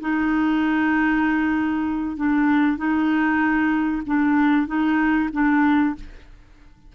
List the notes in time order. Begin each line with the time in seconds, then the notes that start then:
0.00 D#4
2.16 D4
2.77 D#4
4.06 D4
4.66 D#4
5.32 D4